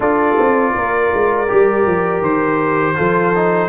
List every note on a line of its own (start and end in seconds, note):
0.00 0.35 D4
0.00 1.47 F4
0.00 0.74 A4
0.00 2.23 D5
0.38 0.75 C4
0.74 1.12 A#3
0.74 2.96 A#4
1.13 1.50 G#3
1.47 1.86 G3
1.47 2.95 G4
1.86 2.20 F3
2.20 2.94 D#3
2.20 3.69 C5
2.95 3.69 F3
2.95 3.32 F4
2.95 3.69 A4
3.35 3.69 D#4